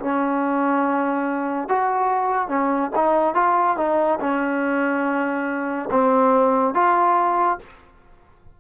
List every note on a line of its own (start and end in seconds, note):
0.00 1.69 C#4
1.69 2.49 F#4
2.49 2.91 C#4
2.95 3.35 D#4
3.35 3.77 F4
3.77 4.19 D#4
4.20 5.89 C#4
5.91 6.75 C4
6.75 7.59 F4